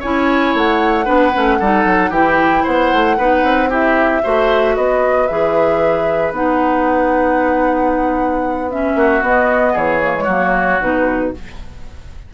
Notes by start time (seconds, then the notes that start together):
0.00 C#4 E4 C#5 G#5
0.54 A3 F#5
1.05 B3 D4 B4
1.33 A3 C#4
1.60 G3 D#4 A4
1.85 F#3
2.10 E3 E4 G4 G5
2.64 B3 C5 F#5
2.93 A3
3.18 B3 D#4 B4
3.43 C4
3.69 E4 G4 E5
4.23 A3 F#4 C5
4.76 B3 B4 D#5
5.28 E3 G#4 E5
6.31 B3 D#4 F#5
8.70 C#4 E5
8.95 A#3 F#4
9.22 B3 D#5
9.73 E3 G#4 C#5
10.02 A#3
10.15 G#3
10.24 F#3 A#3 F#4
10.81 B2 D#4 B4